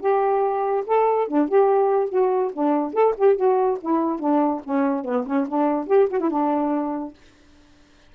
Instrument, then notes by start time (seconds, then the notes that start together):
saxophone
0.00 G4
0.86 A4
1.28 D4
1.48 G4
2.09 F#4
2.53 D4
2.93 A4
3.17 G4
3.36 F#4
3.81 E4
4.19 D4
4.64 C#4
5.04 B3
5.26 C#4
5.48 D4
5.87 G4
6.10 F#4
6.20 E4
6.30 D4